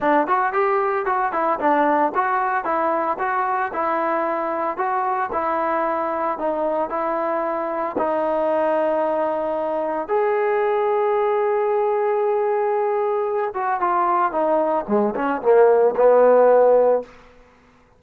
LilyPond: \new Staff \with { instrumentName = "trombone" } { \time 4/4 \tempo 4 = 113 d'8 fis'8 g'4 fis'8 e'8 d'4 | fis'4 e'4 fis'4 e'4~ | e'4 fis'4 e'2 | dis'4 e'2 dis'4~ |
dis'2. gis'4~ | gis'1~ | gis'4. fis'8 f'4 dis'4 | gis8 cis'8 ais4 b2 | }